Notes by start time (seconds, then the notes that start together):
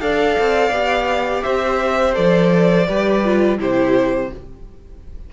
0.00 D4 A4 D5 F5
0.39 C4
0.71 B3 G4
1.43 C4 C5 E5
2.14 F3 A4 D5
2.87 G3 G4 B4
3.24 F4
3.58 C3 E4 G4 C5